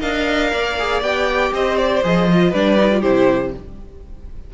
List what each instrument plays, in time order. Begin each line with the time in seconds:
0.00 cello D4, viola A#4, violin D#5 F5
0.52 cello A#3, violin D5
0.78 viola G#4
1.01 cello B3, viola G4, violin G5
1.53 cello C4, violin C5 D#5
1.77 violin D5
2.04 cello F3, viola G#4, violin D#5
2.32 viola F4
2.50 cello G3, viola D4, violin B4 D5
2.78 viola D#4
2.91 viola F4
3.00 cello C3, viola E4, violin G4 C5